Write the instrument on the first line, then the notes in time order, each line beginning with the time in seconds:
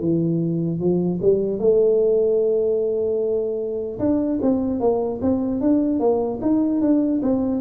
tuba
0.00 E3
0.80 F3
1.22 G3
1.59 A3
3.99 D4
4.42 C4
4.80 A#3
5.21 C4
5.61 D4
6.00 A#3
6.42 D#4
6.81 D4
7.23 C4